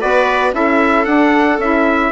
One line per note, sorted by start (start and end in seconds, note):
0.00 0.54 B3
0.00 0.52 F#4
0.00 0.54 B4
0.00 0.54 D5
0.52 1.06 C#4
0.52 1.05 E4
0.52 2.12 A4
0.52 1.05 E5
1.05 1.59 D4
1.05 1.61 D4
1.05 1.58 F#5
1.59 2.12 C#4
1.59 2.12 E4
1.59 2.12 E5